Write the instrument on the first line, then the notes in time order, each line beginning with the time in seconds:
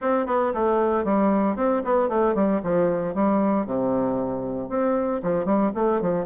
bassoon
0.01 C4
0.26 B3
0.54 A3
1.04 G3
1.56 C4
1.84 B3
2.08 A3
2.35 G3
2.63 F3
3.14 G3
3.65 C3
4.69 C4
5.22 F3
5.45 G3
5.75 A3
6.01 F3